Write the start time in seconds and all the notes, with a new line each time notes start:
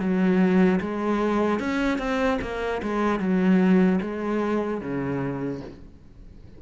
0.00 F#3
0.81 G#3
1.60 C#4
1.99 C4
2.42 A#3
2.83 G#3
3.20 F#3
4.01 G#3
4.81 C#3